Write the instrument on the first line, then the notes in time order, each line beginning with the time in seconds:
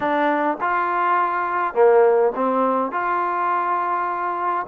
trombone
0.00 D4
0.60 F4
1.74 A#3
2.35 C4
2.91 F4